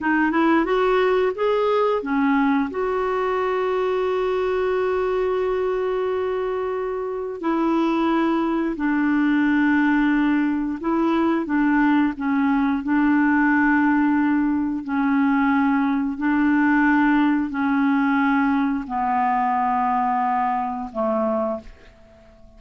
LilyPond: \new Staff \with { instrumentName = "clarinet" } { \time 4/4 \tempo 4 = 89 dis'8 e'8 fis'4 gis'4 cis'4 | fis'1~ | fis'2. e'4~ | e'4 d'2. |
e'4 d'4 cis'4 d'4~ | d'2 cis'2 | d'2 cis'2 | b2. a4 | }